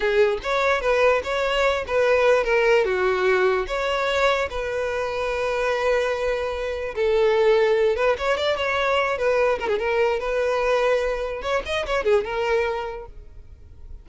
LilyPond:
\new Staff \with { instrumentName = "violin" } { \time 4/4 \tempo 4 = 147 gis'4 cis''4 b'4 cis''4~ | cis''8 b'4. ais'4 fis'4~ | fis'4 cis''2 b'4~ | b'1~ |
b'4 a'2~ a'8 b'8 | cis''8 d''8 cis''4. b'4 ais'16 gis'16 | ais'4 b'2. | cis''8 dis''8 cis''8 gis'8 ais'2 | }